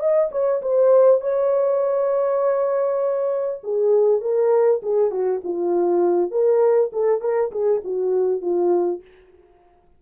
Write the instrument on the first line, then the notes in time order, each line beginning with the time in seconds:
horn
0.00 D#5
0.32 C#5
0.62 C5
1.22 C#5
3.64 G#4
4.22 A#4
4.83 G#4
5.11 F#4
5.44 F4
6.32 A#4
6.93 A4
7.22 A#4
7.52 G#4
7.85 F#4
8.42 F4